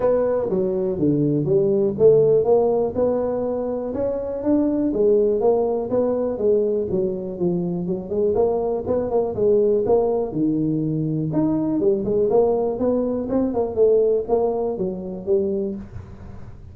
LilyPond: \new Staff \with { instrumentName = "tuba" } { \time 4/4 \tempo 4 = 122 b4 fis4 d4 g4 | a4 ais4 b2 | cis'4 d'4 gis4 ais4 | b4 gis4 fis4 f4 |
fis8 gis8 ais4 b8 ais8 gis4 | ais4 dis2 dis'4 | g8 gis8 ais4 b4 c'8 ais8 | a4 ais4 fis4 g4 | }